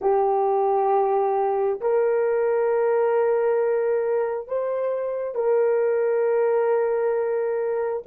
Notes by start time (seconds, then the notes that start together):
0.01 G4
1.80 A#4
4.47 C5
5.34 A#4